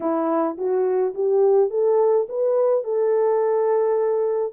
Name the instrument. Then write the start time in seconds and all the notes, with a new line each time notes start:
horn
0.00 E4
0.57 F#4
1.14 G4
1.70 A4
2.28 B4
2.84 A4